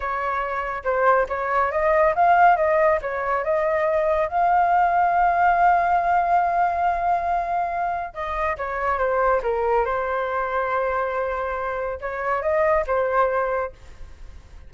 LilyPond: \new Staff \with { instrumentName = "flute" } { \time 4/4 \tempo 4 = 140 cis''2 c''4 cis''4 | dis''4 f''4 dis''4 cis''4 | dis''2 f''2~ | f''1~ |
f''2. dis''4 | cis''4 c''4 ais'4 c''4~ | c''1 | cis''4 dis''4 c''2 | }